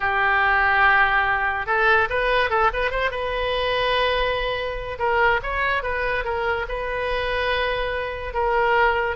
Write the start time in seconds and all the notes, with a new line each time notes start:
0.00 G4
1.66 A4
2.09 B4
2.50 A4
2.73 B4
2.90 C5
3.11 B4
4.98 A#4
5.42 C#5
5.82 B4
6.24 A#4
6.68 B4
8.33 A#4